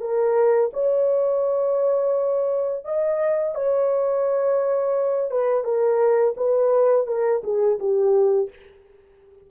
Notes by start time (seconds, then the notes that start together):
0.00 A#4
0.73 C#5
2.85 D#5
3.55 C#5
5.31 B4
5.64 A#4
6.37 B4
7.07 A#4
7.43 G#4
7.79 G4